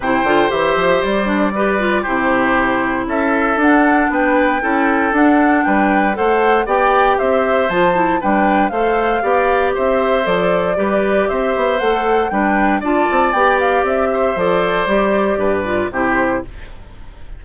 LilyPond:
<<
  \new Staff \with { instrumentName = "flute" } { \time 4/4 \tempo 4 = 117 g''4 e''4 d''2 | c''2 e''4 fis''4 | g''2 fis''4 g''4 | fis''4 g''4 e''4 a''4 |
g''4 f''2 e''4 | d''2 e''4 fis''4 | g''4 a''4 g''8 f''8 e''4 | d''2. c''4 | }
  \new Staff \with { instrumentName = "oboe" } { \time 4/4 c''2. b'4 | g'2 a'2 | b'4 a'2 b'4 | c''4 d''4 c''2 |
b'4 c''4 d''4 c''4~ | c''4 b'4 c''2 | b'4 d''2~ d''8 c''8~ | c''2 b'4 g'4 | }
  \new Staff \with { instrumentName = "clarinet" } { \time 4/4 e'8 f'8 g'4. d'8 g'8 f'8 | e'2. d'4~ | d'4 e'4 d'2 | a'4 g'2 f'8 e'8 |
d'4 a'4 g'2 | a'4 g'2 a'4 | d'4 f'4 g'2 | a'4 g'4. f'8 e'4 | }
  \new Staff \with { instrumentName = "bassoon" } { \time 4/4 c8 d8 e8 f8 g2 | c2 cis'4 d'4 | b4 cis'4 d'4 g4 | a4 b4 c'4 f4 |
g4 a4 b4 c'4 | f4 g4 c'8 b8 a4 | g4 d'8 c'8 b4 c'4 | f4 g4 g,4 c4 | }
>>